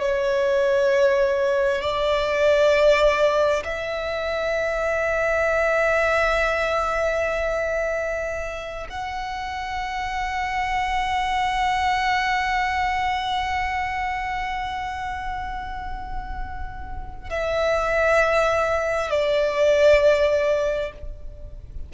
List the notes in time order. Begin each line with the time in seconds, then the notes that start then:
0.00 C#5
1.81 D5
3.64 E5
8.89 F#5
17.29 E5
19.10 D5